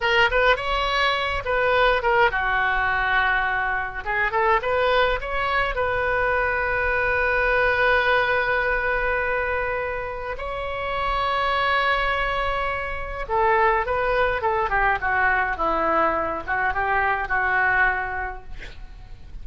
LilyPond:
\new Staff \with { instrumentName = "oboe" } { \time 4/4 \tempo 4 = 104 ais'8 b'8 cis''4. b'4 ais'8 | fis'2. gis'8 a'8 | b'4 cis''4 b'2~ | b'1~ |
b'2 cis''2~ | cis''2. a'4 | b'4 a'8 g'8 fis'4 e'4~ | e'8 fis'8 g'4 fis'2 | }